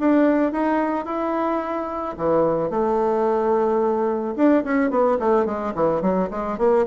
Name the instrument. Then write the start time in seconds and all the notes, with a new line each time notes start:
bassoon
0.00 D4
0.52 D#4
1.06 E4
2.18 E3
2.70 A3
4.37 D4
4.64 C#4
4.91 B3
5.19 A3
5.46 G#3
5.75 E3
6.02 F#3
6.31 G#3
6.59 A#3